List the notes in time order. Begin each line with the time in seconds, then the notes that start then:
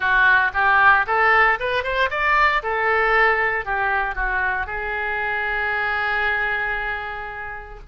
0.00 F#4
0.53 G4
1.06 A4
1.59 B4
1.83 C5
2.10 D5
2.62 A4
3.65 G4
4.15 F#4
4.66 G#4